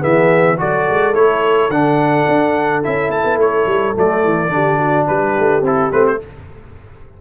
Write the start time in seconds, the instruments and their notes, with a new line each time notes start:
0.00 tuba E3, trombone B3, horn G#4, trumpet E5
0.57 tuba F#3, trombone F#4, horn A4, trumpet D5
0.89 tuba G#3
1.13 tuba A3, trombone E4, trumpet C#5
1.69 tuba D3, trombone D4, trumpet F#5
2.27 tuba D4
2.83 tuba C#4, trombone E4, trumpet E5
3.09 tuba A3, trumpet A5
3.24 tuba B3
3.36 tuba A3, trumpet C#5
3.66 tuba G3
3.94 tuba F#3, trombone A3, trumpet D5
4.24 tuba E3
4.49 tuba D3, trombone D4, horn G4
4.78 horn F#4
5.07 tuba G3, horn G4, trumpet B4
5.38 tuba A3
5.61 tuba C4, trombone E4, trumpet A4
5.91 tuba A3, trombone C4, trumpet B4
6.07 trumpet C5